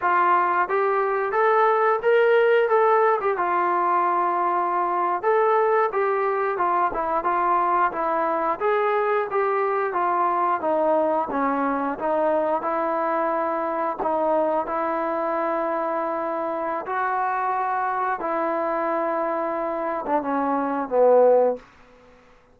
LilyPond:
\new Staff \with { instrumentName = "trombone" } { \time 4/4 \tempo 4 = 89 f'4 g'4 a'4 ais'4 | a'8. g'16 f'2~ f'8. a'16~ | a'8. g'4 f'8 e'8 f'4 e'16~ | e'8. gis'4 g'4 f'4 dis'16~ |
dis'8. cis'4 dis'4 e'4~ e'16~ | e'8. dis'4 e'2~ e'16~ | e'4 fis'2 e'4~ | e'4.~ e'16 d'16 cis'4 b4 | }